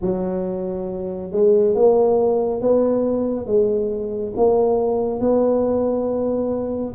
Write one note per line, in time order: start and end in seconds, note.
0.01 1.31 F#3
1.31 1.74 G#3
1.74 2.61 A#3
2.61 3.46 B3
3.46 4.33 G#3
4.36 5.20 A#3
5.20 6.94 B3